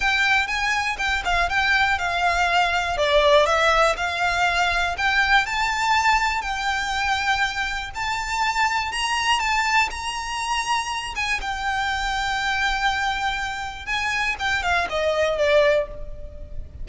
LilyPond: \new Staff \with { instrumentName = "violin" } { \time 4/4 \tempo 4 = 121 g''4 gis''4 g''8 f''8 g''4 | f''2 d''4 e''4 | f''2 g''4 a''4~ | a''4 g''2. |
a''2 ais''4 a''4 | ais''2~ ais''8 gis''8 g''4~ | g''1 | gis''4 g''8 f''8 dis''4 d''4 | }